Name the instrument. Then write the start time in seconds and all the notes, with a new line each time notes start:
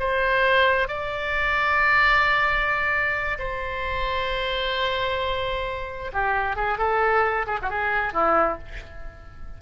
oboe
0.00 C5
0.88 D5
3.39 C5
6.13 G4
6.56 G#4
6.78 A4
7.47 G#4
7.62 F#4
7.70 G#4
8.13 E4